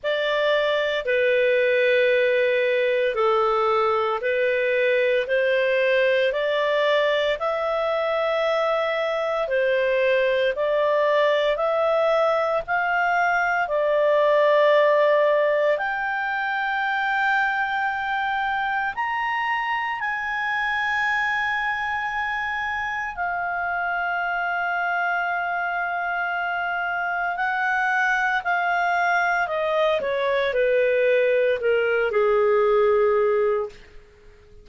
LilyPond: \new Staff \with { instrumentName = "clarinet" } { \time 4/4 \tempo 4 = 57 d''4 b'2 a'4 | b'4 c''4 d''4 e''4~ | e''4 c''4 d''4 e''4 | f''4 d''2 g''4~ |
g''2 ais''4 gis''4~ | gis''2 f''2~ | f''2 fis''4 f''4 | dis''8 cis''8 b'4 ais'8 gis'4. | }